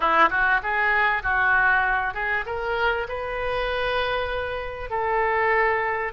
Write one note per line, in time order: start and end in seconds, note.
0.00 0.29 E4
0.30 0.60 F#4
0.63 1.22 G#4
1.22 2.14 F#4
2.14 2.44 G#4
2.45 3.07 A#4
3.08 4.90 B4
4.90 6.12 A4